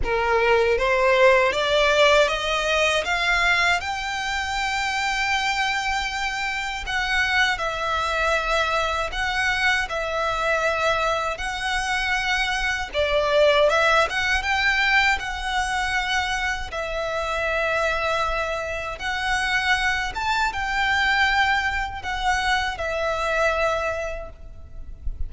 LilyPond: \new Staff \with { instrumentName = "violin" } { \time 4/4 \tempo 4 = 79 ais'4 c''4 d''4 dis''4 | f''4 g''2.~ | g''4 fis''4 e''2 | fis''4 e''2 fis''4~ |
fis''4 d''4 e''8 fis''8 g''4 | fis''2 e''2~ | e''4 fis''4. a''8 g''4~ | g''4 fis''4 e''2 | }